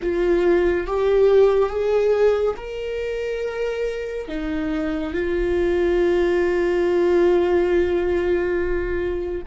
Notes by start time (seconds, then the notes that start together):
0.02 F4
0.86 G4
1.69 G#4
2.56 A#4
4.27 D#4
5.13 F4